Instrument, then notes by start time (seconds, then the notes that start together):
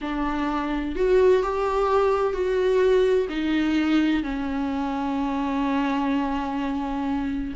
viola
0.01 D4
0.95 F#4
1.43 G4
2.33 F#4
3.29 D#4
4.23 C#4